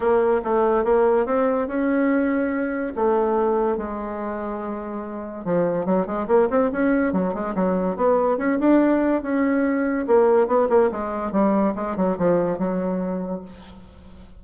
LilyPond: \new Staff \with { instrumentName = "bassoon" } { \time 4/4 \tempo 4 = 143 ais4 a4 ais4 c'4 | cis'2. a4~ | a4 gis2.~ | gis4 f4 fis8 gis8 ais8 c'8 |
cis'4 fis8 gis8 fis4 b4 | cis'8 d'4. cis'2 | ais4 b8 ais8 gis4 g4 | gis8 fis8 f4 fis2 | }